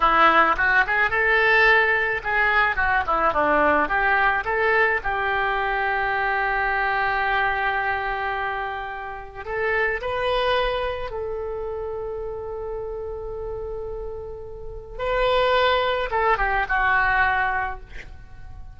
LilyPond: \new Staff \with { instrumentName = "oboe" } { \time 4/4 \tempo 4 = 108 e'4 fis'8 gis'8 a'2 | gis'4 fis'8 e'8 d'4 g'4 | a'4 g'2.~ | g'1~ |
g'4 a'4 b'2 | a'1~ | a'2. b'4~ | b'4 a'8 g'8 fis'2 | }